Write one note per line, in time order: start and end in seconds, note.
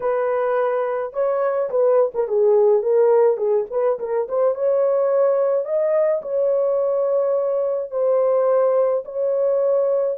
0.00 1.13 B4
1.13 1.69 C#5
1.70 2.12 B4
2.14 2.28 A#4
2.28 2.82 G#4
2.82 3.37 A#4
3.37 3.65 G#4
3.70 3.99 B4
3.99 4.27 A#4
4.28 4.54 C5
4.54 5.64 C#5
5.64 6.21 D#5
6.21 7.90 C#5
7.90 9.03 C5
9.04 10.18 C#5